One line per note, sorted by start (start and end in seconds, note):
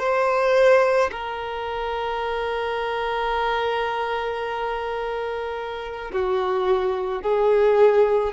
0.00 1.11 C5
1.12 6.12 A#4
6.13 7.23 F#4
7.23 8.33 G#4